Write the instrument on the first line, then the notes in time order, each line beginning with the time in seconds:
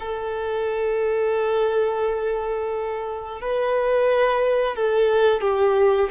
violin
0.00 A4
3.41 B4
4.76 A4
5.41 G4